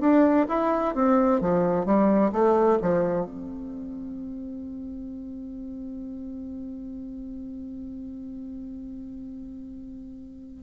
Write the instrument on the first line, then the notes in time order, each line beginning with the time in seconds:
bassoon
0.00 D4
0.48 E4
0.94 C4
1.41 F3
1.85 G3
2.32 A3
2.82 F3
3.25 C4